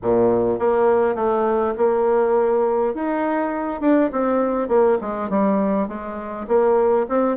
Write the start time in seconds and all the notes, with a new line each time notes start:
0.02 A#2
0.59 A#3
1.15 A3
1.77 A#3
2.94 D#4
3.80 D4
4.12 C4
4.68 A#3
5.01 G#3
5.29 G3
5.87 G#3
6.47 A#3
7.08 C4